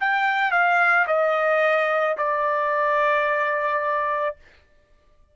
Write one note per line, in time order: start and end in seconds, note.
0.00 0.51 G5
0.51 1.06 F5
1.07 2.16 D#5
2.17 4.35 D5